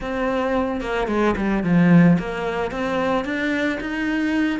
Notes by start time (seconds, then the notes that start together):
0.00 C4
0.81 A#3
1.07 G#3
1.37 G3
1.63 F3
2.18 A#3
2.71 C4
3.24 D4
3.80 D#4